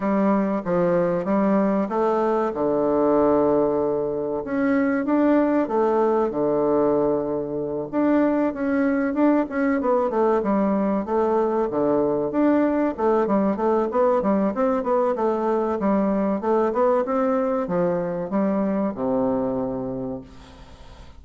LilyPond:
\new Staff \with { instrumentName = "bassoon" } { \time 4/4 \tempo 4 = 95 g4 f4 g4 a4 | d2. cis'4 | d'4 a4 d2~ | d8 d'4 cis'4 d'8 cis'8 b8 |
a8 g4 a4 d4 d'8~ | d'8 a8 g8 a8 b8 g8 c'8 b8 | a4 g4 a8 b8 c'4 | f4 g4 c2 | }